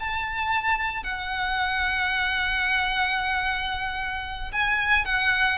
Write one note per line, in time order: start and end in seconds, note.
0.00 1.03 A5
1.03 4.52 F#5
4.52 5.06 G#5
5.06 5.59 F#5